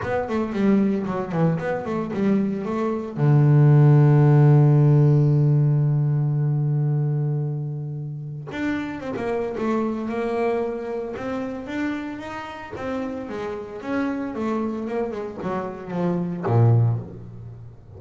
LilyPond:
\new Staff \with { instrumentName = "double bass" } { \time 4/4 \tempo 4 = 113 b8 a8 g4 fis8 e8 b8 a8 | g4 a4 d2~ | d1~ | d1 |
d'4 c'16 ais8. a4 ais4~ | ais4 c'4 d'4 dis'4 | c'4 gis4 cis'4 a4 | ais8 gis8 fis4 f4 ais,4 | }